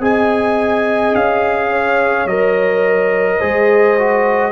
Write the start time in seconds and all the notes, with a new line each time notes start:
0.00 C4 G#4 D#5 G#5
1.15 C#4 F5
1.70 C#5
2.26 F#3 A#4 D#5
3.38 G#3 G#4 C5
3.99 F#4